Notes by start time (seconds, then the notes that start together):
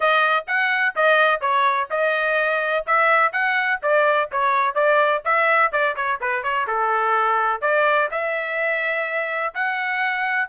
0.00 D#5
0.47 F#5
0.95 D#5
1.40 C#5
1.90 D#5
2.86 E5
3.32 F#5
3.82 D5
4.31 C#5
4.74 D5
5.24 E5
5.71 D5
5.95 C#5
6.20 B4
6.43 C#5
6.67 A4
7.61 D5
8.11 E5
9.54 F#5